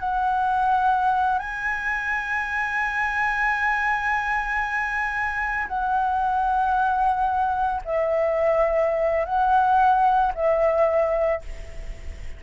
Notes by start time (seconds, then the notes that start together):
0.00 F#5
1.39 G#5
5.68 F#5
7.85 E5
9.26 F#5
10.35 E5